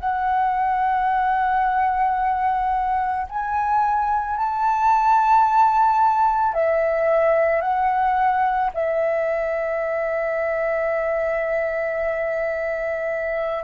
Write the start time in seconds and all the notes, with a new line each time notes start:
0.00 F#5
3.29 G#5
4.38 A5
6.54 E5
7.62 F#5
8.74 E5